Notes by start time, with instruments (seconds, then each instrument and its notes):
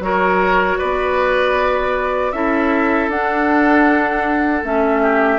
0.00 bassoon F#3, clarinet F#4, oboe A#4, flute C#5
0.79 bassoon B3, oboe B4, flute D5
2.33 bassoon C#4, clarinet E4, oboe A4, flute E5
3.09 bassoon D4, clarinet D4, flute F#5
4.63 bassoon A3, clarinet C#4, flute E5
5.03 oboe G4